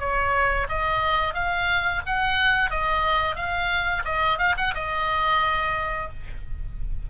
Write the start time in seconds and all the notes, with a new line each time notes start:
0.00 C#5
0.69 D#5
1.34 F5
2.06 F#5
2.71 D#5
3.36 F5
4.05 D#5
4.39 F5
4.57 F#5
4.75 D#5